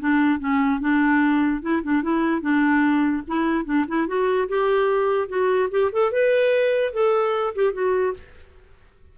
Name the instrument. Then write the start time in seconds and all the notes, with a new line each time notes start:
clarinet
0.00 D4
0.40 C#4
0.81 D4
1.62 E4
1.83 D4
2.03 E4
2.42 D4
3.28 E4
3.65 D4
3.88 E4
4.08 F#4
4.49 G4
5.29 F#4
5.71 G4
5.93 A4
6.12 B4
6.94 A4
7.55 G4
7.73 F#4